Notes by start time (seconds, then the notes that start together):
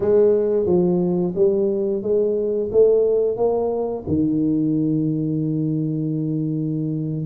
0.00 G#3
0.66 F3
1.35 G3
2.02 G#3
2.71 A3
3.36 A#3
4.07 D#3